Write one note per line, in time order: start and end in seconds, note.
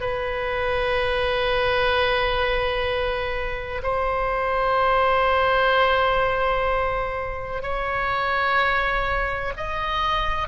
0.00 3.81 B4
3.82 7.62 C5
7.62 9.52 C#5
9.56 10.48 D#5